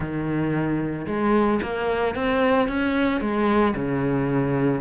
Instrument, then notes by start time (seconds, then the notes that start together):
cello
0.00 D#3
1.06 G#3
1.62 A#3
2.15 C4
2.68 C#4
3.20 G#3
3.75 C#3